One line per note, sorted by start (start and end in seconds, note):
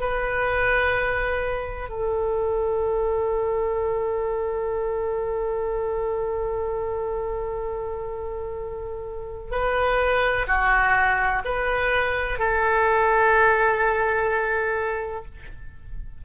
0.00 1.89 B4
1.89 9.51 A4
9.51 10.46 B4
10.47 11.42 F#4
11.45 12.39 B4
12.39 15.24 A4